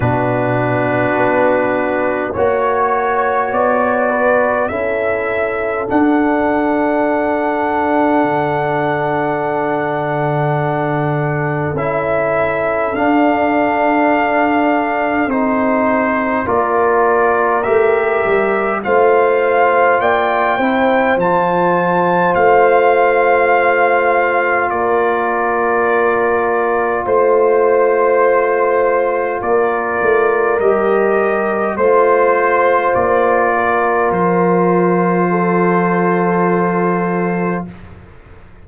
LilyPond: <<
  \new Staff \with { instrumentName = "trumpet" } { \time 4/4 \tempo 4 = 51 b'2 cis''4 d''4 | e''4 fis''2.~ | fis''2 e''4 f''4~ | f''4 c''4 d''4 e''4 |
f''4 g''4 a''4 f''4~ | f''4 d''2 c''4~ | c''4 d''4 dis''4 c''4 | d''4 c''2. | }
  \new Staff \with { instrumentName = "horn" } { \time 4/4 fis'2 cis''4. b'8 | a'1~ | a'1~ | a'2 ais'2 |
c''4 d''8 c''2~ c''8~ | c''4 ais'2 c''4~ | c''4 ais'2 c''4~ | c''8 ais'4. a'2 | }
  \new Staff \with { instrumentName = "trombone" } { \time 4/4 d'2 fis'2 | e'4 d'2.~ | d'2 e'4 d'4~ | d'4 dis'4 f'4 g'4 |
f'4. e'8 f'2~ | f'1~ | f'2 g'4 f'4~ | f'1 | }
  \new Staff \with { instrumentName = "tuba" } { \time 4/4 b,4 b4 ais4 b4 | cis'4 d'2 d4~ | d2 cis'4 d'4~ | d'4 c'4 ais4 a8 g8 |
a4 ais8 c'8 f4 a4~ | a4 ais2 a4~ | a4 ais8 a8 g4 a4 | ais4 f2. | }
>>